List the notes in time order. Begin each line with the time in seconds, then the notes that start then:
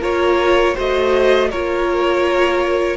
0.00 A#3 F4 A#4 C#5
0.75 A3 F#4 C5 D#5
1.51 A#3 F4 A#4 C#5